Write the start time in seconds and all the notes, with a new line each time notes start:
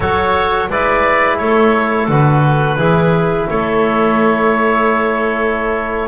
0.00 F#3 F#4 A4 C#5
0.69 G#3 E4 B4 D5
1.37 A3 A4 C#5
2.07 D3 F#4 B4
2.77 E3 E4 G#4
3.49 A3 A4 C#5